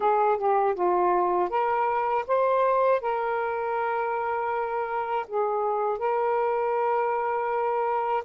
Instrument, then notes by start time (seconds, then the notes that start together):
saxophone
0.00 G#4
0.37 G4
0.75 F4
1.49 A#4
2.27 C5
3.01 A#4
5.27 G#4
5.98 A#4